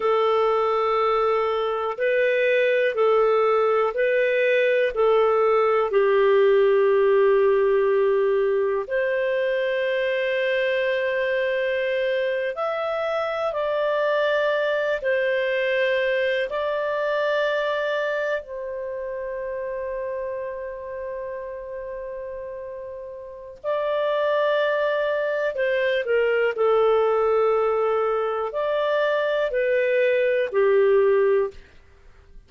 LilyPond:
\new Staff \with { instrumentName = "clarinet" } { \time 4/4 \tempo 4 = 61 a'2 b'4 a'4 | b'4 a'4 g'2~ | g'4 c''2.~ | c''8. e''4 d''4. c''8.~ |
c''8. d''2 c''4~ c''16~ | c''1 | d''2 c''8 ais'8 a'4~ | a'4 d''4 b'4 g'4 | }